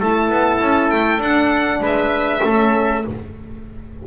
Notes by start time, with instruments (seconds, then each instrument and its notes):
0.00 double bass A3, horn E4, trumpet A4, violin A5
0.30 double bass B3
0.61 double bass C#4
0.90 double bass A3, violin G5
1.19 double bass D4, horn D4, violin F#5
1.80 double bass G#3, trumpet B4, violin E5
2.44 double bass A3, horn C#4, trumpet A4